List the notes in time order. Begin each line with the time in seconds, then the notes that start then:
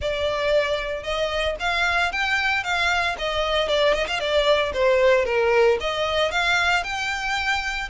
0.01 D5
1.03 D#5
1.59 F5
2.12 G5
2.63 F5
3.18 D#5
3.68 D5
3.93 D#5
4.07 F5
4.20 D5
4.73 C5
5.25 A#4
5.80 D#5
6.31 F5
6.83 G5